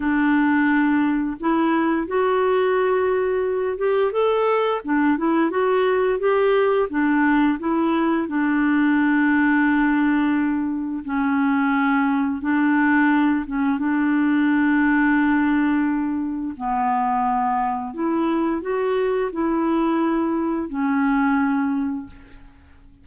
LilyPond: \new Staff \with { instrumentName = "clarinet" } { \time 4/4 \tempo 4 = 87 d'2 e'4 fis'4~ | fis'4. g'8 a'4 d'8 e'8 | fis'4 g'4 d'4 e'4 | d'1 |
cis'2 d'4. cis'8 | d'1 | b2 e'4 fis'4 | e'2 cis'2 | }